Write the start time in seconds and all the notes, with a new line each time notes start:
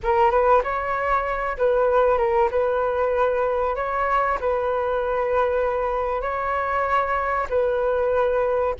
0.03 A#4
0.30 B4
0.63 C#5
1.57 B4
2.17 A#4
2.50 B4
3.75 C#5
4.40 B4
6.21 C#5
7.49 B4